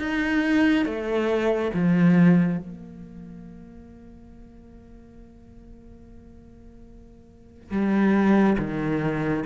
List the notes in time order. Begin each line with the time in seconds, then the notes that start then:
0.00 D#4
0.86 A3
1.74 F3
2.59 A#3
7.71 G3
8.58 D#3